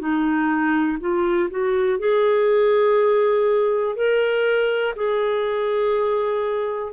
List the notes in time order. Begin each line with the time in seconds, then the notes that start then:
0.00 D#4
1.01 F4
1.50 F#4
1.99 G#4
3.96 A#4
4.96 G#4